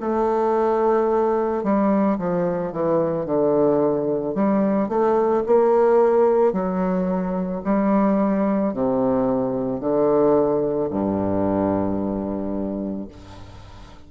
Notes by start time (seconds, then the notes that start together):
0.00 A3
1.63 G3
2.18 F3
2.72 E3
3.25 D3
4.34 G3
4.88 A3
5.46 A#3
6.53 F#3
7.64 G3
8.73 C3
9.80 D3
10.90 G2